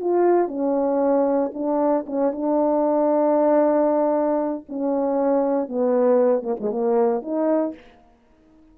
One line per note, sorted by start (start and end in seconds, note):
0.00 0.48 F4
0.48 1.51 C#4
1.53 2.05 D4
2.06 2.32 C#4
2.32 4.65 D4
4.69 5.68 C#4
5.68 6.42 B3
6.42 6.55 A#3
6.60 6.71 G#3
6.71 7.22 A#3
7.22 7.74 D#4